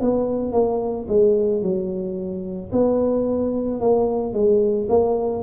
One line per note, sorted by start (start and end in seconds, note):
0.00 0.52 B3
0.52 1.06 A#3
1.08 1.62 G#3
1.62 2.71 F#3
2.72 3.80 B3
3.80 4.33 A#3
4.33 4.87 G#3
4.89 5.42 A#3